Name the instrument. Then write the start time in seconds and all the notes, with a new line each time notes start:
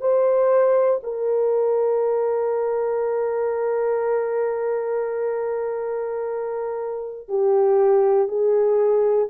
horn
0.00 C5
1.03 A#4
7.28 G4
8.28 G#4